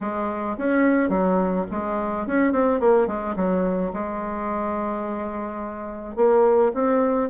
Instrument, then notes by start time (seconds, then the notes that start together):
bassoon
0.00 G#3
0.57 C#4
1.09 F#3
1.71 G#3
2.27 C#4
2.52 C4
2.80 A#3
3.07 G#3
3.36 F#3
3.93 G#3
6.16 A#3
6.74 C4